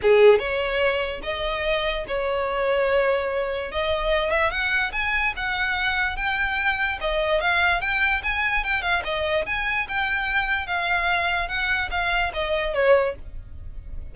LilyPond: \new Staff \with { instrumentName = "violin" } { \time 4/4 \tempo 4 = 146 gis'4 cis''2 dis''4~ | dis''4 cis''2.~ | cis''4 dis''4. e''8 fis''4 | gis''4 fis''2 g''4~ |
g''4 dis''4 f''4 g''4 | gis''4 g''8 f''8 dis''4 gis''4 | g''2 f''2 | fis''4 f''4 dis''4 cis''4 | }